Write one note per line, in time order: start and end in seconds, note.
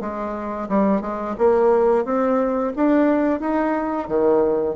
0.00 0.68 G#3
0.68 1.01 G3
1.01 1.35 G#3
1.38 2.04 A#3
2.04 2.72 C4
2.76 3.40 D4
3.40 4.08 D#4
4.08 4.75 D#3